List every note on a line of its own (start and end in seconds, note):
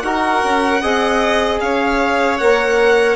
0.00 0.42 D#4
0.00 0.83 F#4
0.00 0.82 A#4
0.00 1.58 F#5
0.44 0.83 C#4
0.82 1.61 C4
0.82 2.40 G#4
0.82 1.61 D#5
1.61 2.40 C#4
1.61 3.17 C#5
1.61 2.38 F5
2.38 3.17 A#3
2.38 3.17 A#4
2.38 3.17 F#5